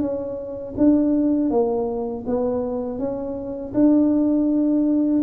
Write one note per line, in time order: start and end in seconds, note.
0.00 0.74 C#4
0.77 1.50 D4
1.50 2.24 A#3
2.26 2.99 B3
2.99 3.73 C#4
3.74 5.22 D4